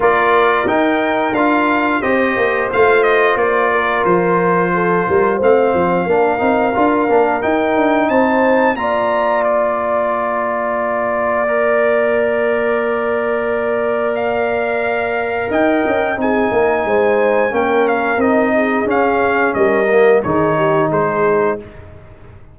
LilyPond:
<<
  \new Staff \with { instrumentName = "trumpet" } { \time 4/4 \tempo 4 = 89 d''4 g''4 f''4 dis''4 | f''8 dis''8 d''4 c''2 | f''2. g''4 | a''4 ais''4 d''2~ |
d''1~ | d''4 f''2 g''4 | gis''2 g''8 f''8 dis''4 | f''4 dis''4 cis''4 c''4 | }
  \new Staff \with { instrumentName = "horn" } { \time 4/4 ais'2. c''4~ | c''4. ais'4. a'8 ais'8 | c''4 ais'2. | c''4 d''2.~ |
d''1~ | d''2. dis''4 | gis'8 ais'8 c''4 ais'4. gis'8~ | gis'4 ais'4 gis'8 g'8 gis'4 | }
  \new Staff \with { instrumentName = "trombone" } { \time 4/4 f'4 dis'4 f'4 g'4 | f'1 | c'4 d'8 dis'8 f'8 d'8 dis'4~ | dis'4 f'2.~ |
f'4 ais'2.~ | ais'1 | dis'2 cis'4 dis'4 | cis'4. ais8 dis'2 | }
  \new Staff \with { instrumentName = "tuba" } { \time 4/4 ais4 dis'4 d'4 c'8 ais8 | a4 ais4 f4. g8 | a8 f8 ais8 c'8 d'8 ais8 dis'8 d'8 | c'4 ais2.~ |
ais1~ | ais2. dis'8 cis'8 | c'8 ais8 gis4 ais4 c'4 | cis'4 g4 dis4 gis4 | }
>>